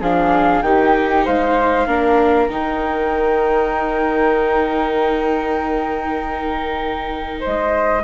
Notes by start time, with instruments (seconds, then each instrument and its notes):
0.00 bassoon F3, viola D4, flute G#4 F5
0.61 bassoon D#3, viola D#4, flute G4 G5
1.25 bassoon G#3, flute C5 F5
1.86 bassoon A#3, viola D4, flute A#4
2.48 bassoon D#3, viola D#4, flute G5
7.40 bassoon G#3, flute C5 D#5